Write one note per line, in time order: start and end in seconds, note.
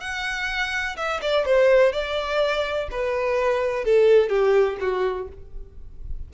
0.00 0.96 F#5
0.96 1.20 E5
1.21 1.45 D5
1.45 1.92 C5
1.92 2.88 D5
2.91 3.84 B4
3.84 4.29 A4
4.29 4.77 G4
4.80 5.28 F#4